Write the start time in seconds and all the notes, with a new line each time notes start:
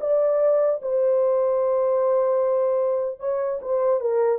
0.00 D5
0.82 C5
3.19 C#5
3.61 C5
4.00 A#4